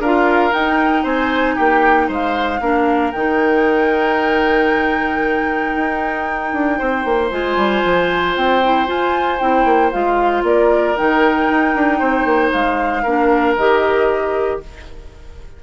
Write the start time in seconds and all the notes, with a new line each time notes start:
0.00 D4 F4 A#4 F5
0.52 D#4 G5
1.03 C4 C5 G#5
1.55 A#3 G4 G5
2.08 G#3 C5 F5
2.61 A#3 D4 A#4
3.12 D#3 D#4 G5
5.76 D#4
6.53 D4
6.79 C4 C5
7.05 A#3
7.32 G#3 F4 G#5
7.56 G3
7.85 F3
8.36 C4 G5
8.64 E4
8.87 F4 G#5
9.39 C4 E4 G5
9.65 A#3
9.92 G#3 F4 F5
10.43 A#3 A#4 D5
10.96 D#3 D#4 G5
11.49 D#4
11.75 D4
11.99 C4 C5
12.25 A#3
12.52 G#3 F5
13.03 A#3 D4 A#4
13.57 D#3 G4 D#5